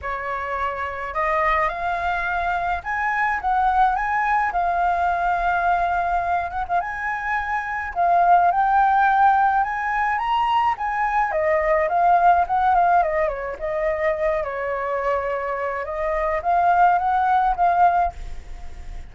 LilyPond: \new Staff \with { instrumentName = "flute" } { \time 4/4 \tempo 4 = 106 cis''2 dis''4 f''4~ | f''4 gis''4 fis''4 gis''4 | f''2.~ f''8 fis''16 f''16 | gis''2 f''4 g''4~ |
g''4 gis''4 ais''4 gis''4 | dis''4 f''4 fis''8 f''8 dis''8 cis''8 | dis''4. cis''2~ cis''8 | dis''4 f''4 fis''4 f''4 | }